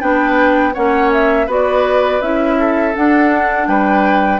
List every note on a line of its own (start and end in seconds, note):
0.00 0.74 B3
0.00 0.73 D4
0.00 0.73 B4
0.00 0.73 G5
0.73 1.47 A#3
0.73 1.47 C#4
0.73 1.46 C#5
0.73 1.10 F#5
1.12 1.49 E5
1.46 2.20 B3
1.46 2.21 F#4
1.46 2.56 B4
1.46 2.21 D5
2.21 2.94 C#4
2.21 2.93 E4
2.21 2.95 E5
2.59 3.68 A4
2.93 4.40 D4
2.93 3.67 D4
2.93 3.67 F#5
3.67 4.40 G3
3.67 4.40 B4
3.67 4.40 G5